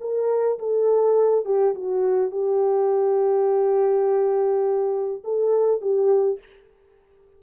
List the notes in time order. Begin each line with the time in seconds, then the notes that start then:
0.00 A#4
0.59 A4
1.45 G4
1.75 F#4
2.31 G4
5.24 A4
5.81 G4